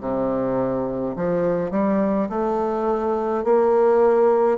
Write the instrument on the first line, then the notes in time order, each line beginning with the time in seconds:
bassoon
0.00 C3
1.15 F3
1.70 G3
2.29 A3
3.44 A#3